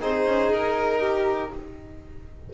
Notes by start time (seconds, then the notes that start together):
0.00 C4 D#4 G#4 C5
0.26 C#4
0.49 D#4 A#4
1.00 G4